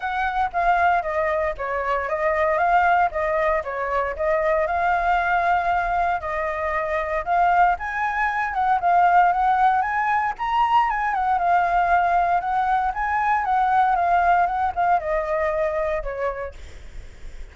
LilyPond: \new Staff \with { instrumentName = "flute" } { \time 4/4 \tempo 4 = 116 fis''4 f''4 dis''4 cis''4 | dis''4 f''4 dis''4 cis''4 | dis''4 f''2. | dis''2 f''4 gis''4~ |
gis''8 fis''8 f''4 fis''4 gis''4 | ais''4 gis''8 fis''8 f''2 | fis''4 gis''4 fis''4 f''4 | fis''8 f''8 dis''2 cis''4 | }